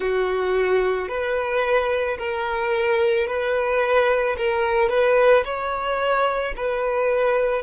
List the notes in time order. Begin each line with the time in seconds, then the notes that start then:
0.00 F#4
1.08 B4
2.18 A#4
3.27 B4
4.37 A#4
4.89 B4
5.44 C#5
6.56 B4